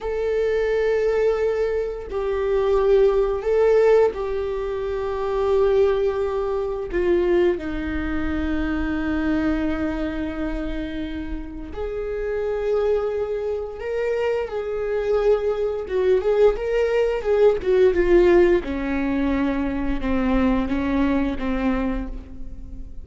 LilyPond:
\new Staff \with { instrumentName = "viola" } { \time 4/4 \tempo 4 = 87 a'2. g'4~ | g'4 a'4 g'2~ | g'2 f'4 dis'4~ | dis'1~ |
dis'4 gis'2. | ais'4 gis'2 fis'8 gis'8 | ais'4 gis'8 fis'8 f'4 cis'4~ | cis'4 c'4 cis'4 c'4 | }